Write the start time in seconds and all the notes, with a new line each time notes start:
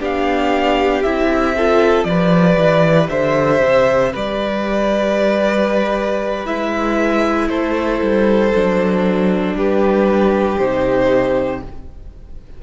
0.00 B3 D4 G4 F5
1.03 C4 E4 E5
1.56 F4 A4
2.04 F3 G4 B4 D5
2.57 E3
3.09 D3 C5 E5
3.61 C3
4.12 G3 B4 D5
6.45 G#3 E4 E5
7.49 A3 A4 C5
8.01 G3
8.55 F#3 D4
9.54 G3 G4 B4
10.58 C3 D#4 C5